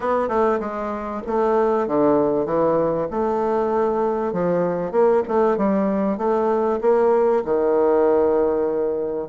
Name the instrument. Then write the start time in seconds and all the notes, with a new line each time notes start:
bassoon
0.00 B3
0.28 A3
0.60 G#3
1.27 A3
1.87 D3
2.45 E3
3.10 A3
4.32 F3
4.91 A#3
5.27 A3
5.57 G3
6.17 A3
6.81 A#3
7.45 D#3